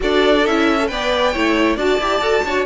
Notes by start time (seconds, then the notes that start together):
0.00 D4 F#4 A4 D5
0.46 C#4 E4 E5
0.79 A4
0.87 B3 B4 D5 G5
1.33 A3 E4 C#5
1.76 D4 F#4 D5 A5
1.98 E4 G4
2.20 F#4 A4
2.44 D4 F#4 C#5